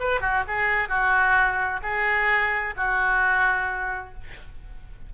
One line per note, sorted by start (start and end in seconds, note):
0.00 0.21 B4
0.21 0.44 F#4
0.47 0.89 G#4
0.89 1.80 F#4
1.83 2.74 G#4
2.76 4.14 F#4